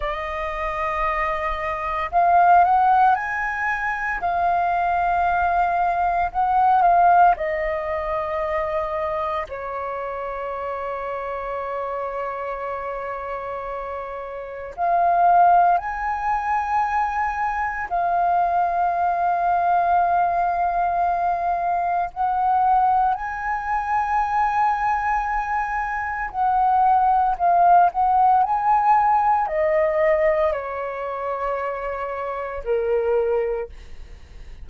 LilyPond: \new Staff \with { instrumentName = "flute" } { \time 4/4 \tempo 4 = 57 dis''2 f''8 fis''8 gis''4 | f''2 fis''8 f''8 dis''4~ | dis''4 cis''2.~ | cis''2 f''4 gis''4~ |
gis''4 f''2.~ | f''4 fis''4 gis''2~ | gis''4 fis''4 f''8 fis''8 gis''4 | dis''4 cis''2 ais'4 | }